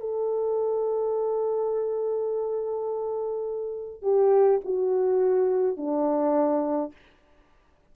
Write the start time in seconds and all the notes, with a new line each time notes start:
0.00 A4
4.02 G4
4.64 F#4
5.76 D4